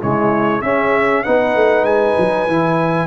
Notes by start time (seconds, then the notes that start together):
0.00 C#3 G#3 E4 C#5
0.61 C#4 G#4 E5
1.24 B3 D#4 B4 F#5
1.56 A3
1.83 G#3 G#5
2.18 F#3
2.47 E3 E4